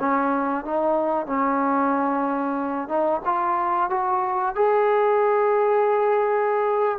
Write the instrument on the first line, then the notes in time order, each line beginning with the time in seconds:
trombone
0.00 C#4
0.65 D#4
1.27 C#4
2.89 D#4
3.25 F4
3.90 F#4
4.55 G#4